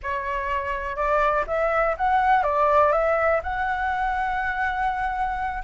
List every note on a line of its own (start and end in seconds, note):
0.02 0.96 C#5
0.96 1.44 D5
1.47 1.96 E5
1.97 2.43 F#5
2.43 2.92 D5
2.92 3.40 E5
3.43 5.62 F#5